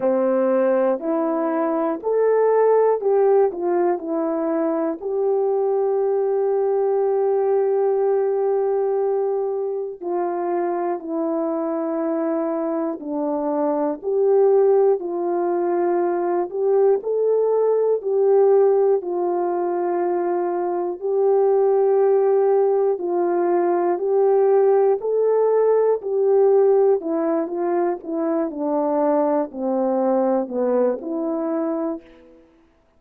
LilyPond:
\new Staff \with { instrumentName = "horn" } { \time 4/4 \tempo 4 = 60 c'4 e'4 a'4 g'8 f'8 | e'4 g'2.~ | g'2 f'4 e'4~ | e'4 d'4 g'4 f'4~ |
f'8 g'8 a'4 g'4 f'4~ | f'4 g'2 f'4 | g'4 a'4 g'4 e'8 f'8 | e'8 d'4 c'4 b8 e'4 | }